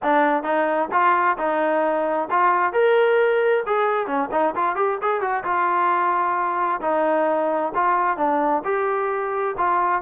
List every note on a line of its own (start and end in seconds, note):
0.02 0.43 D4
0.43 0.88 D#4
0.91 1.37 F4
1.37 2.28 D#4
2.30 2.72 F4
2.72 3.63 A#4
3.66 4.06 G#4
4.06 4.29 C#4
4.31 4.54 D#4
4.55 4.75 F4
4.75 4.98 G4
5.01 5.20 G#4
5.20 5.43 F#4
5.44 6.80 F4
6.81 7.72 D#4
7.74 8.17 F4
8.17 8.62 D4
8.64 9.55 G4
9.57 10.01 F4